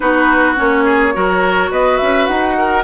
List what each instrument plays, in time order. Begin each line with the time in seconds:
0.00 bassoon B3, clarinet D#4, oboe F#4, flute B4
0.56 bassoon A#3, clarinet C#4, flute C#5
0.84 oboe G#4
1.13 bassoon F#3, clarinet F#4, oboe A#4
1.70 bassoon B3, oboe B4, flute D#5
1.97 bassoon C#4, flute E5
2.26 bassoon D#4, flute F#5
2.57 oboe A#4